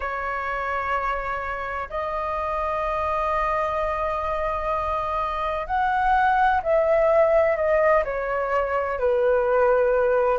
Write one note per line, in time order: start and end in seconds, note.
0.00 1.88 C#5
1.89 5.66 D#5
5.66 6.61 F#5
6.62 7.56 E5
7.56 8.03 D#5
8.04 8.99 C#5
8.99 10.38 B4